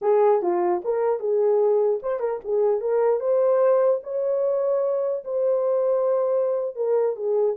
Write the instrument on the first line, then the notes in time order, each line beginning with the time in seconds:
horn
0.01 G#4
0.42 F4
0.84 A#4
1.19 G#4
2.02 C5
2.19 A#4
2.44 G#4
2.80 A#4
3.19 C5
4.03 C#5
5.24 C5
6.75 A#4
7.15 G#4